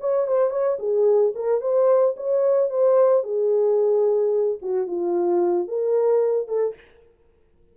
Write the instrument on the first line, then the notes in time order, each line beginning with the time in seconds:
horn
0.00 C#5
0.27 C5
0.50 C#5
0.79 G#4
1.35 A#4
1.61 C5
2.16 C#5
2.70 C5
3.23 G#4
4.62 F#4
4.87 F4
5.68 A#4
6.48 A4